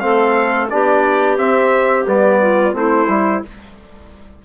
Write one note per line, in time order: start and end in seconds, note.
0.00 0.72 A3
0.00 0.69 C4
0.00 0.71 A4
0.00 0.68 F5
0.69 1.39 B3
0.69 1.37 D4
0.69 2.42 G4
0.69 1.38 D5
1.37 2.06 C4
1.37 2.07 C4
1.37 2.06 E5
2.07 2.74 G3
2.07 2.73 B3
2.07 2.76 D5
2.42 2.76 F4
2.73 3.08 A3
2.73 3.07 C4
2.73 3.44 E4
2.73 3.45 C5
3.08 3.42 G3
3.08 3.43 E4